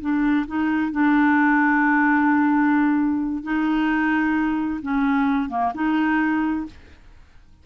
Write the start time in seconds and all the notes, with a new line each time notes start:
0.00 D4
0.47 D#4
0.91 D4
3.43 D#4
4.82 C#4
5.49 A#3
5.74 D#4